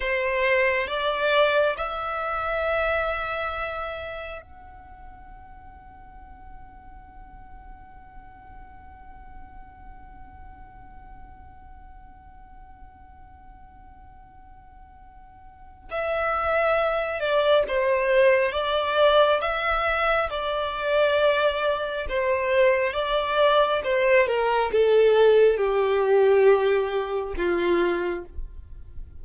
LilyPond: \new Staff \with { instrumentName = "violin" } { \time 4/4 \tempo 4 = 68 c''4 d''4 e''2~ | e''4 fis''2.~ | fis''1~ | fis''1~ |
fis''2 e''4. d''8 | c''4 d''4 e''4 d''4~ | d''4 c''4 d''4 c''8 ais'8 | a'4 g'2 f'4 | }